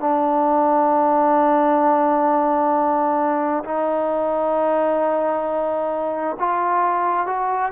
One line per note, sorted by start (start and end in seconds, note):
0.00 3.64 D4
3.64 6.37 D#4
6.39 7.26 F4
7.26 7.72 F#4